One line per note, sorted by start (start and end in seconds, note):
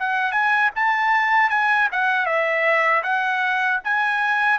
0.00 0.32 F#5
0.32 0.71 G#5
0.76 1.50 A5
1.50 1.89 G#5
1.92 2.26 F#5
2.26 3.03 E5
3.03 3.80 F#5
3.85 4.59 G#5